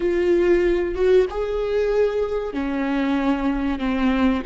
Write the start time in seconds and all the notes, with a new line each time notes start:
0.00 F4
0.94 F#4
1.29 G#4
2.53 C#4
3.79 C4